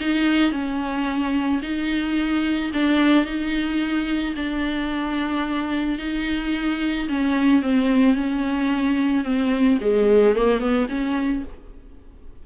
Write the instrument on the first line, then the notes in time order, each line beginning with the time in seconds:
viola
0.00 D#4
0.52 C#4
1.62 D#4
2.73 D4
3.25 D#4
4.36 D4
5.99 D#4
7.08 C#4
7.62 C4
8.15 C#4
9.24 C4
9.81 G#3
10.35 A#3
10.60 B3
10.89 C#4